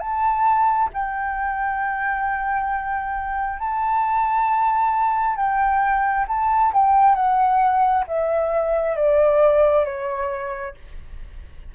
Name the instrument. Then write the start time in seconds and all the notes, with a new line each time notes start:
flute
0.00 A5
0.93 G5
3.59 A5
5.36 G5
6.28 A5
6.74 G5
7.15 F#5
8.08 E5
8.96 D5
9.85 C#5